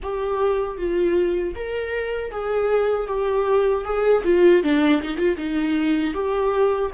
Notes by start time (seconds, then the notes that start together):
0.02 G4
0.77 F4
1.55 A#4
2.31 G#4
3.07 G4
3.84 G#4
4.24 F4
4.63 D4
5.02 D#4
5.17 F4
5.37 D#4
6.14 G4